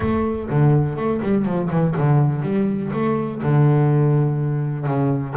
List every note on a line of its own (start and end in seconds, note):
0.00 0.49 A3
0.49 0.96 D3
0.96 1.20 A3
1.22 1.45 G3
1.45 1.69 F3
1.70 1.94 E3
1.96 2.42 D3
2.42 2.91 G3
2.93 3.41 A3
3.42 4.86 D3
4.86 5.34 C#3